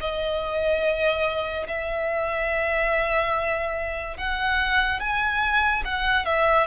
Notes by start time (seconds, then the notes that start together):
0.00 D#5
1.67 E5
4.17 F#5
5.00 G#5
5.85 F#5
6.25 E5